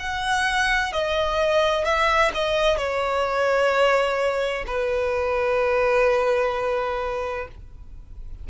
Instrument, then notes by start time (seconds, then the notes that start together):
violin
0.00 F#5
0.93 D#5
1.85 E5
2.35 D#5
2.78 C#5
4.67 B4